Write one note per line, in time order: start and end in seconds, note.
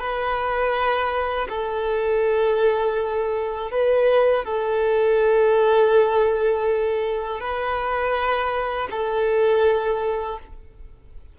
0.00 1.48 B4
1.49 3.71 A4
3.71 4.45 B4
4.45 7.40 A4
7.40 8.89 B4
8.91 10.39 A4